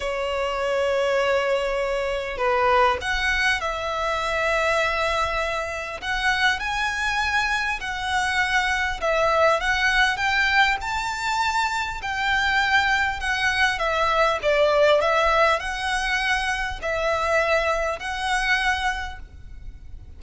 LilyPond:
\new Staff \with { instrumentName = "violin" } { \time 4/4 \tempo 4 = 100 cis''1 | b'4 fis''4 e''2~ | e''2 fis''4 gis''4~ | gis''4 fis''2 e''4 |
fis''4 g''4 a''2 | g''2 fis''4 e''4 | d''4 e''4 fis''2 | e''2 fis''2 | }